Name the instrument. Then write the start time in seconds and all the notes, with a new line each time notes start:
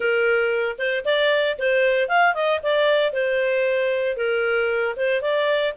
clarinet
0.00 A#4
0.78 C5
1.05 D5
1.58 C5
2.08 F5
2.34 D#5
2.62 D5
3.12 C5
4.16 A#4
4.96 C5
5.21 D5